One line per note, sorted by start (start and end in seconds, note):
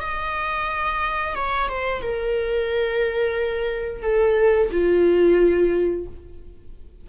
0.00 1.35 D#5
1.35 1.68 C#5
1.68 2.02 C5
2.02 4.02 A#4
4.02 4.69 A4
4.71 6.06 F4